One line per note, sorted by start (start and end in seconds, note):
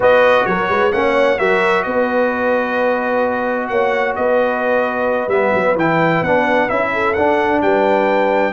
0.00 0.44 B3
0.00 0.91 F#4
0.00 0.46 B4
0.00 0.46 D#5
0.46 0.69 F#3
0.46 0.69 A#4
0.46 0.92 C#5
0.69 0.92 G#3
0.69 0.92 B4
0.92 1.39 A#3
0.92 1.38 C#4
0.92 1.38 C#5
0.92 1.38 F#5
1.38 1.85 F#3
1.38 5.30 F#4
1.38 1.84 A#4
1.38 1.82 E5
1.82 3.69 B3
1.82 3.70 B4
1.82 3.67 D#5
3.67 4.16 A#3
3.67 4.16 C#5
3.67 4.14 F#5
4.15 5.27 B3
4.15 6.92 B4
4.15 5.29 D#5
5.27 5.50 G3
5.27 5.76 B3
5.27 5.75 E5
5.54 5.75 F#3
5.75 6.21 E3
5.75 6.26 E4
5.75 6.23 G5
6.21 6.67 B3
6.21 6.68 D4
6.21 6.69 F#5
6.68 7.16 C#4
6.68 7.15 E4
6.68 7.13 E5
6.92 7.61 A4
7.13 7.61 D4
7.13 8.53 D4
7.13 7.59 F#5
7.61 8.53 G3
7.61 8.53 B4
7.61 8.53 G5